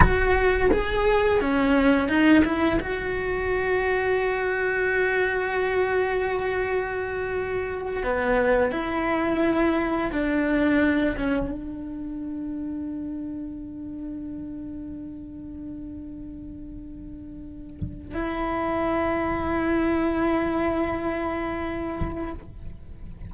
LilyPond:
\new Staff \with { instrumentName = "cello" } { \time 4/4 \tempo 4 = 86 fis'4 gis'4 cis'4 dis'8 e'8 | fis'1~ | fis'2.~ fis'8 b8~ | b8 e'2 d'4. |
cis'8 d'2.~ d'8~ | d'1~ | d'2 e'2~ | e'1 | }